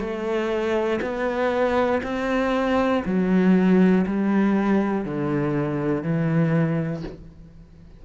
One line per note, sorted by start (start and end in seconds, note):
0.00 1.00 A3
1.01 2.01 B3
2.04 3.04 C4
3.06 4.06 F#3
4.07 5.05 G3
5.05 6.04 D3
6.04 7.04 E3